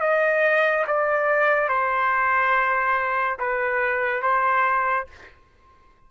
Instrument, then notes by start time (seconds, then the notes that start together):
trumpet
0.00 D#5
0.87 D5
1.68 C5
3.38 B4
4.22 C5